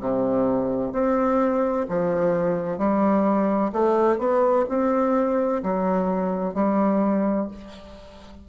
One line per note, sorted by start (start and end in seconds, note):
0.00 0.92 C3
0.92 1.86 C4
1.88 2.78 F3
2.78 3.72 G3
3.72 4.18 A3
4.18 4.65 B3
4.69 5.62 C4
5.63 6.54 F#3
6.54 7.48 G3